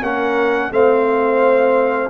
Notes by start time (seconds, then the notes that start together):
0.00 A#3 C#4 A#4 F#5
0.71 A3 C4 C5 F5